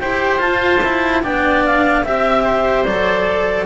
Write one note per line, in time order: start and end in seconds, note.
0.00 0.42 E4
0.00 0.39 G4
0.00 1.23 C5
0.00 0.41 G5
0.39 0.80 F4
0.39 1.23 F4
0.39 1.22 A5
0.84 1.23 E4
1.23 2.04 B3
1.23 2.05 D4
1.23 2.05 D5
1.23 1.64 G5
1.65 2.05 F5
2.05 2.85 C4
2.05 2.86 G4
2.05 2.85 E5
2.05 2.44 E5
2.44 3.65 C5
2.85 3.66 F#3
2.85 3.66 A4
2.85 3.66 D5